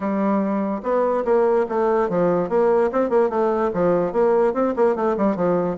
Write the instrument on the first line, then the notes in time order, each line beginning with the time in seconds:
bassoon
0.00 G3
0.82 B3
1.24 A#3
1.68 A3
2.09 F3
2.49 A#3
2.92 C4
3.09 A#3
3.29 A3
3.73 F3
4.12 A#3
4.53 C4
4.76 A#3
4.95 A3
5.17 G3
5.35 F3